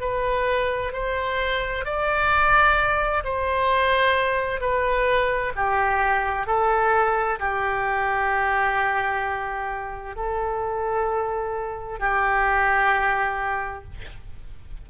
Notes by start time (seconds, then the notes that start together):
0.00 B4
0.93 C5
1.85 D5
3.24 C5
4.60 B4
5.56 G4
6.47 A4
7.39 G4
10.15 A4
11.99 G4